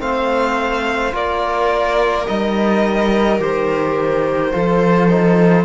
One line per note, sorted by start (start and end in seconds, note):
0.00 1.14 A3
0.00 1.13 C4
0.00 1.15 C5
0.00 1.15 F5
1.13 2.28 A#3
1.13 2.26 F4
1.13 4.54 A#4
1.13 2.27 D5
2.27 3.40 G3
2.27 3.40 D#4
2.27 3.40 D#5
3.40 4.53 D#3
3.40 4.52 G4
3.40 5.65 C5
4.52 5.65 F3
4.52 5.09 F4
4.52 5.65 A4
5.11 5.65 D#4